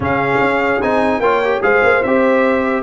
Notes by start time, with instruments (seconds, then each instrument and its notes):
0.00 tuba C#3, trombone C#4, horn G#4, trumpet F5
0.40 tuba C#4
0.82 tuba C4, trombone D#4, trumpet G#5
1.19 tuba A#3, trombone F4, horn C#5, trumpet G5
1.44 trombone G4
1.61 tuba G#3, trombone G#4, horn C5, trumpet F5
1.83 tuba A#3
2.02 tuba C4, trombone G4, trumpet E5